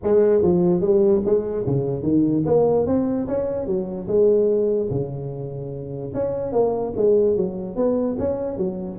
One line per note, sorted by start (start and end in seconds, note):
0.03 0.42 G#3
0.42 0.81 F3
0.81 1.21 G3
1.25 1.66 G#3
1.66 2.02 C#3
2.02 2.43 D#3
2.45 2.86 A#3
2.86 3.27 C4
3.27 3.66 C#4
3.66 4.07 F#3
4.07 4.89 G#3
4.90 6.12 C#3
6.13 6.52 C#4
6.52 6.93 A#3
6.96 7.36 G#3
7.36 7.76 F#3
7.76 8.16 B3
8.18 8.57 C#4
8.57 8.98 F#3